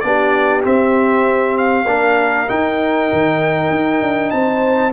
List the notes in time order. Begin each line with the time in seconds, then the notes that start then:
0.00 B3 D4 D5
0.06 G4
0.63 C4 E5
1.58 F5
1.86 A#3 D4 A#4
2.47 D#4 G5
3.13 D#3
3.71 D#4
4.01 D4
4.30 C4 C5 A5